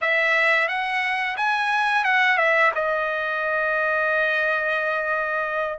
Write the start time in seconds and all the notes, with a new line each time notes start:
0.01 E5
0.68 F#5
1.36 G#5
2.04 F#5
2.37 E5
2.75 D#5